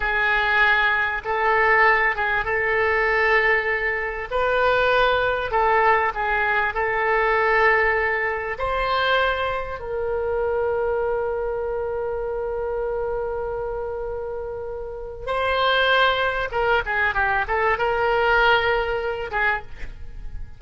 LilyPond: \new Staff \with { instrumentName = "oboe" } { \time 4/4 \tempo 4 = 98 gis'2 a'4. gis'8 | a'2. b'4~ | b'4 a'4 gis'4 a'4~ | a'2 c''2 |
ais'1~ | ais'1~ | ais'4 c''2 ais'8 gis'8 | g'8 a'8 ais'2~ ais'8 gis'8 | }